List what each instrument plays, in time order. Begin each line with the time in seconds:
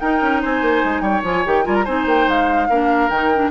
0.00 bassoon D#4, clarinet D#4, oboe A#4, flute G5
0.22 bassoon C#4
0.42 bassoon C4, oboe C5, flute G#5
0.62 bassoon A#3
0.84 bassoon G#3
1.01 bassoon G3, oboe C#5, flute G5
1.23 bassoon F3, clarinet F4, flute G#5
1.45 bassoon D#3, clarinet G4, flute G5
1.64 bassoon G3, clarinet F4, oboe A#4, flute G#5
1.75 flute A#5
1.85 bassoon C4, clarinet D#4, oboe C5, flute G#5
2.06 bassoon A#3, flute G5
2.28 bassoon G#3, flute F5
2.69 bassoon A#3, clarinet D4, oboe A#4
3.10 bassoon D#3, clarinet D#4, flute G5
3.34 clarinet D4